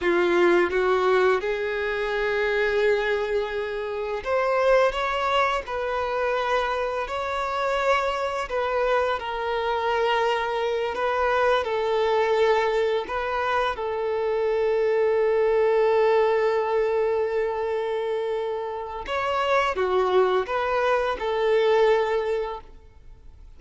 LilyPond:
\new Staff \with { instrumentName = "violin" } { \time 4/4 \tempo 4 = 85 f'4 fis'4 gis'2~ | gis'2 c''4 cis''4 | b'2 cis''2 | b'4 ais'2~ ais'8 b'8~ |
b'8 a'2 b'4 a'8~ | a'1~ | a'2. cis''4 | fis'4 b'4 a'2 | }